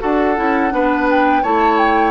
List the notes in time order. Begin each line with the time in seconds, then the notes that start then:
0.00 D4 F#4 A4 F#5
0.37 C#4 E4
0.71 B3 D4 B4
1.11 G5
1.43 A3 E4 C#5 A5
1.79 G5